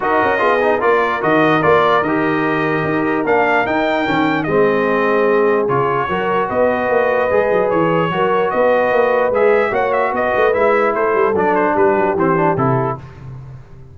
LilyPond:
<<
  \new Staff \with { instrumentName = "trumpet" } { \time 4/4 \tempo 4 = 148 dis''2 d''4 dis''4 | d''4 dis''2. | f''4 g''2 dis''4~ | dis''2 cis''2 |
dis''2. cis''4~ | cis''4 dis''2 e''4 | fis''8 e''8 dis''4 e''4 c''4 | d''8 c''8 b'4 c''4 a'4 | }
  \new Staff \with { instrumentName = "horn" } { \time 4/4 ais'4 gis'4 ais'2~ | ais'1~ | ais'2. gis'4~ | gis'2. ais'4 |
b'1 | ais'4 b'2. | cis''4 b'2 a'4~ | a'4 g'2. | }
  \new Staff \with { instrumentName = "trombone" } { \time 4/4 fis'4 f'8 dis'8 f'4 fis'4 | f'4 g'2. | d'4 dis'4 cis'4 c'4~ | c'2 f'4 fis'4~ |
fis'2 gis'2 | fis'2. gis'4 | fis'2 e'2 | d'2 c'8 d'8 e'4 | }
  \new Staff \with { instrumentName = "tuba" } { \time 4/4 dis'8 cis'8 b4 ais4 dis4 | ais4 dis2 dis'4 | ais4 dis'4 dis4 gis4~ | gis2 cis4 fis4 |
b4 ais4 gis8 fis8 e4 | fis4 b4 ais4 gis4 | ais4 b8 a8 gis4 a8 g8 | fis4 g8 fis8 e4 c4 | }
>>